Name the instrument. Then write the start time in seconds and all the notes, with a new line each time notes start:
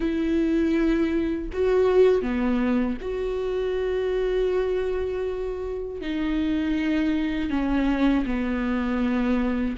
viola
0.00 E4
1.52 F#4
2.22 B3
3.01 F#4
6.01 D#4
7.50 C#4
8.25 B3